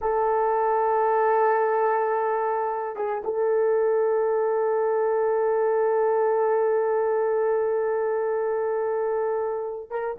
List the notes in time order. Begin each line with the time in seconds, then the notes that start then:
0.01 A4
2.96 G#4
3.24 A4
9.90 A#4